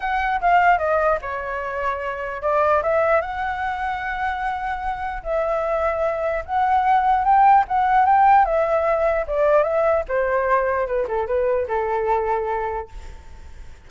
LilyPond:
\new Staff \with { instrumentName = "flute" } { \time 4/4 \tempo 4 = 149 fis''4 f''4 dis''4 cis''4~ | cis''2 d''4 e''4 | fis''1~ | fis''4 e''2. |
fis''2 g''4 fis''4 | g''4 e''2 d''4 | e''4 c''2 b'8 a'8 | b'4 a'2. | }